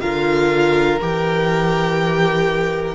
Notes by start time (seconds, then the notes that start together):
0.00 D3 F4 A#4 F5
1.01 E3 G4 G5